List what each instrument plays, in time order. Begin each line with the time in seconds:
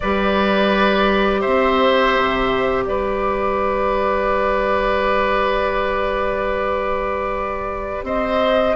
0.00 bassoon G3, clarinet G4, oboe B4, flute D5
1.40 bassoon C4, oboe C5, flute E5
2.17 bassoon C3
2.85 bassoon G3, oboe B4, flute D5
8.02 bassoon C4, oboe C5, flute D#5